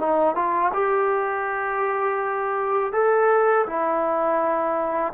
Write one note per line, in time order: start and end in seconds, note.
0.00 0.36 D#4
0.36 0.72 F4
0.74 2.93 G4
2.93 3.66 A4
3.67 5.13 E4